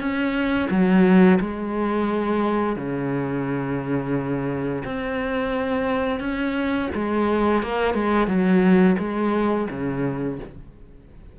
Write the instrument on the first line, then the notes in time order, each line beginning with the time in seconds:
cello
0.00 C#4
0.70 F#3
1.40 G#3
2.76 C#3
4.85 C4
6.20 C#4
6.95 G#3
7.62 A#3
7.94 G#3
8.28 F#3
8.99 G#3
9.70 C#3